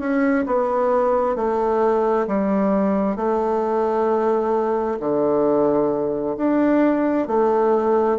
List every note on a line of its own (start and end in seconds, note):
0.00 0.45 C#4
0.47 1.36 B3
1.36 2.27 A3
2.28 3.17 G3
3.17 4.98 A3
5.00 6.37 D3
6.38 7.28 D4
7.28 8.19 A3